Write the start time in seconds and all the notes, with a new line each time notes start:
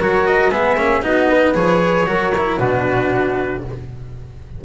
0.00 F#3 F#4 A#4 C#5
0.27 D#5
0.50 G#3 B3 G#4 E5
0.76 A#3 C#4
1.02 B3 D#4 F#4 D#5
1.29 B4
1.55 F3 G#4 C#5
2.07 F#3 F#4 A#4
2.37 E4
2.59 B2 D4 F#4 B4